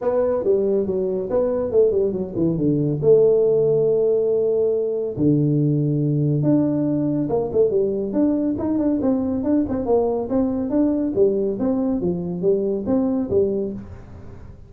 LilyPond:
\new Staff \with { instrumentName = "tuba" } { \time 4/4 \tempo 4 = 140 b4 g4 fis4 b4 | a8 g8 fis8 e8 d4 a4~ | a1 | d2. d'4~ |
d'4 ais8 a8 g4 d'4 | dis'8 d'8 c'4 d'8 c'8 ais4 | c'4 d'4 g4 c'4 | f4 g4 c'4 g4 | }